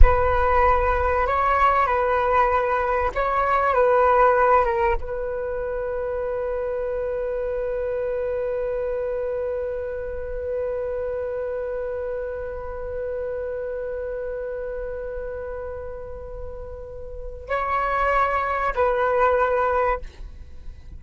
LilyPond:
\new Staff \with { instrumentName = "flute" } { \time 4/4 \tempo 4 = 96 b'2 cis''4 b'4~ | b'4 cis''4 b'4. ais'8 | b'1~ | b'1~ |
b'1~ | b'1~ | b'1 | cis''2 b'2 | }